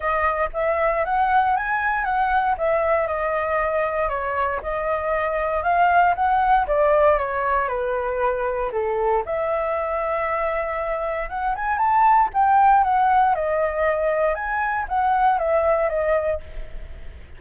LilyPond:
\new Staff \with { instrumentName = "flute" } { \time 4/4 \tempo 4 = 117 dis''4 e''4 fis''4 gis''4 | fis''4 e''4 dis''2 | cis''4 dis''2 f''4 | fis''4 d''4 cis''4 b'4~ |
b'4 a'4 e''2~ | e''2 fis''8 gis''8 a''4 | g''4 fis''4 dis''2 | gis''4 fis''4 e''4 dis''4 | }